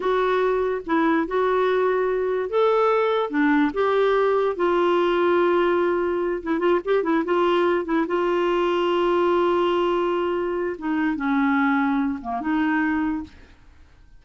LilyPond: \new Staff \with { instrumentName = "clarinet" } { \time 4/4 \tempo 4 = 145 fis'2 e'4 fis'4~ | fis'2 a'2 | d'4 g'2 f'4~ | f'2.~ f'8 e'8 |
f'8 g'8 e'8 f'4. e'8 f'8~ | f'1~ | f'2 dis'4 cis'4~ | cis'4. ais8 dis'2 | }